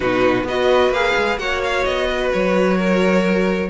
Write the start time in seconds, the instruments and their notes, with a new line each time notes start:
0.00 cello B2, viola D#4, violin F#4 B4
0.43 cello B3, viola F#4, violin B4 D#5
0.89 cello A#3, viola G#4, violin F5
1.16 cello G#3
1.37 cello A#3, viola F#4, violin C#5 F#5
1.63 violin F5
1.84 cello B3, violin D#5
2.08 violin B4
2.32 cello F#3, violin C#5
2.77 violin A#4